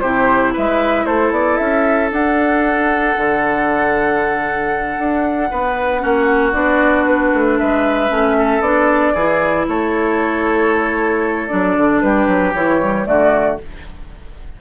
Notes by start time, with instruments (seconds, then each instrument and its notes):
0.00 bassoon C3, clarinet E4, oboe G4, flute C5
0.53 bassoon G#3, oboe B4, flute E5
1.05 bassoon A3, oboe A4, flute C5
1.31 bassoon B3, flute D5
1.57 bassoon C#4, flute E5
2.11 bassoon D4, clarinet D4, flute F#5
3.17 bassoon D3
4.98 bassoon D4
5.50 bassoon B3, oboe B4
5.99 bassoon A#3, clarinet C#4, oboe F#4
6.52 bassoon B3, clarinet D4, flute D5
7.06 flute B4
7.34 bassoon A3
7.58 bassoon G#3, oboe B4, flute E5
8.09 bassoon A3, clarinet C#4
8.38 oboe A4
8.60 bassoon B3, clarinet D4, flute D5
9.13 bassoon E3, clarinet E4, oboe G#4
9.68 bassoon A3, oboe A4, flute C#5
11.47 bassoon F#3, clarinet D4, flute D5
11.76 bassoon D3
12.01 bassoon G3, oboe G4, flute B4
12.27 bassoon F#3
12.53 bassoon E3, clarinet E4, flute C#5
12.81 clarinet G3
13.05 bassoon D3, clarinet A3, oboe F#4, flute D5